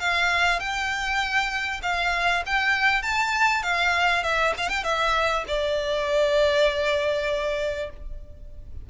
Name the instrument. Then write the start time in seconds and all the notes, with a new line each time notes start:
violin
0.00 F5
0.60 G5
1.83 F5
2.46 G5
3.03 A5
3.63 F5
4.23 E5
4.58 F5
4.70 G5
4.84 E5
5.48 D5